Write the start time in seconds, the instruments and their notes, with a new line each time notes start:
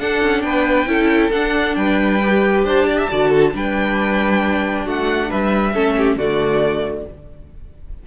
0.00 viola D4, cello D4, violin A4 F#5
0.23 cello C#4
0.42 cello B3, violin B4 G5
0.86 cello C#4, viola E4, violin A4
1.31 cello D4, viola D4, violin F#5
1.76 cello G3, violin B4 G5
2.23 viola G4
2.64 cello D4, violin C5 A5
2.87 violin D5
2.98 violin E5
3.11 cello D3, viola F#4, violin D5
3.29 violin A4
3.52 cello G3, viola D4, violin B4 G5
4.85 cello A3, violin F#4 F#5
5.29 cello G3, violin B4 E5
5.74 cello A3, viola C#4, violin A4
5.98 violin G4
6.16 cello D3, viola A3, violin F#4 D5